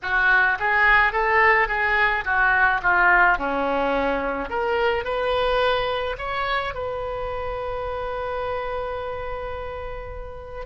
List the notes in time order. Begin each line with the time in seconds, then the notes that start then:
0.02 F#4
0.59 G#4
1.12 A4
1.68 G#4
2.25 F#4
2.82 F4
3.37 C#4
4.49 A#4
5.04 B4
6.18 C#5
6.74 B4